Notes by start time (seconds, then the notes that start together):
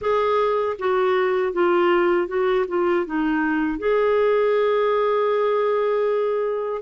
0.01 G#4
0.78 F#4
1.52 F4
2.27 F#4
2.68 F4
3.06 D#4
3.78 G#4